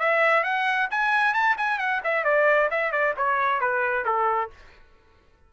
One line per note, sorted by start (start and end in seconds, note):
0.00 0.44 E5
0.44 0.89 F#5
0.91 1.34 G#5
1.34 1.57 A5
1.58 1.79 G#5
1.79 2.02 F#5
2.04 2.25 E5
2.25 2.70 D5
2.71 2.92 E5
2.92 3.15 D5
3.17 3.61 C#5
3.61 4.05 B4
4.05 4.50 A4